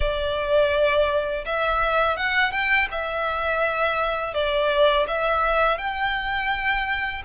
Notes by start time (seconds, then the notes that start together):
0.00 D5
1.45 E5
2.17 F#5
2.51 G5
2.91 E5
4.34 D5
5.07 E5
5.77 G5